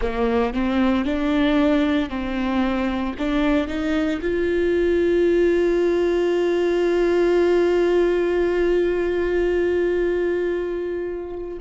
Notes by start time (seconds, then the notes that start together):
0.01 A#3
0.53 C4
1.04 D4
2.09 C4
3.18 D4
3.67 D#4
4.21 F4